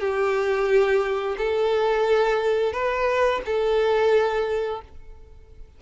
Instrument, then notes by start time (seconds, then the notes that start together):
violin
0.00 G4
1.38 A4
2.73 B4
3.46 A4